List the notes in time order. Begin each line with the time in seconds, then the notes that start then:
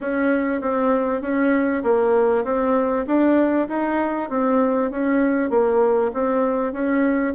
0.00 C#4
0.61 C4
1.21 C#4
1.83 A#3
2.44 C4
3.06 D4
3.68 D#4
4.29 C4
4.91 C#4
5.49 A#3
6.13 C4
6.72 C#4